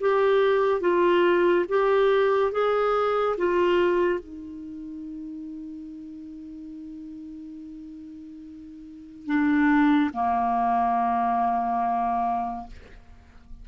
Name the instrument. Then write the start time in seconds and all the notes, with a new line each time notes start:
clarinet
0.00 G4
0.80 F4
1.68 G4
2.52 G#4
3.37 F4
4.19 D#4
9.26 D4
10.13 A#3